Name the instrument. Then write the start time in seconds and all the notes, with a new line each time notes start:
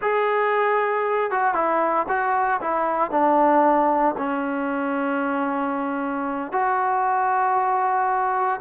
trombone
0.01 G#4
1.30 F#4
1.54 E4
2.08 F#4
2.61 E4
3.10 D4
4.17 C#4
6.51 F#4